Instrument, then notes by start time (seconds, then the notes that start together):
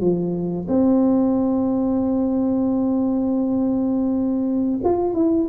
tuba
0.00 F3
0.67 C4
4.83 F4
5.14 E4